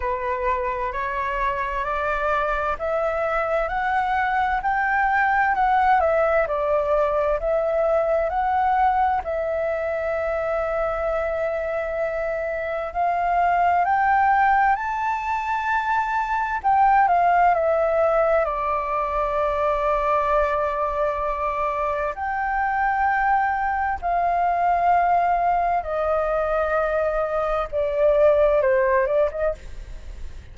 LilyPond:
\new Staff \with { instrumentName = "flute" } { \time 4/4 \tempo 4 = 65 b'4 cis''4 d''4 e''4 | fis''4 g''4 fis''8 e''8 d''4 | e''4 fis''4 e''2~ | e''2 f''4 g''4 |
a''2 g''8 f''8 e''4 | d''1 | g''2 f''2 | dis''2 d''4 c''8 d''16 dis''16 | }